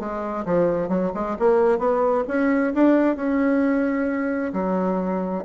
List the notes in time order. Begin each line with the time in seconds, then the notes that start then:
0.00 G#3
0.46 F3
0.89 F#3
1.14 G#3
1.39 A#3
1.79 B3
2.28 C#4
2.75 D4
3.17 C#4
4.54 F#3